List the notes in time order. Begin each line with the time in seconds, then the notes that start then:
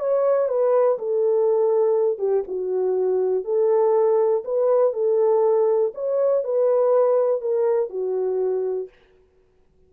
0.00 C#5
0.49 B4
0.98 A4
2.18 G4
2.48 F#4
3.45 A4
4.45 B4
4.94 A4
5.95 C#5
6.44 B4
7.41 A#4
7.90 F#4